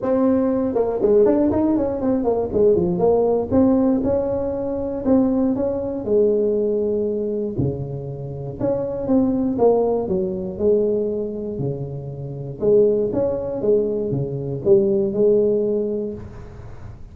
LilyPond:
\new Staff \with { instrumentName = "tuba" } { \time 4/4 \tempo 4 = 119 c'4. ais8 gis8 d'8 dis'8 cis'8 | c'8 ais8 gis8 f8 ais4 c'4 | cis'2 c'4 cis'4 | gis2. cis4~ |
cis4 cis'4 c'4 ais4 | fis4 gis2 cis4~ | cis4 gis4 cis'4 gis4 | cis4 g4 gis2 | }